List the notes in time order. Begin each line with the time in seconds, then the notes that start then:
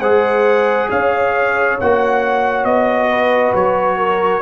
0.00 G#3 G#4 C5 F#5
0.90 C#4 C#5 F5
1.81 A#3 F#4 F#5
2.64 B3 D#5
3.10 B4
3.55 F#3 C#5
3.98 A#4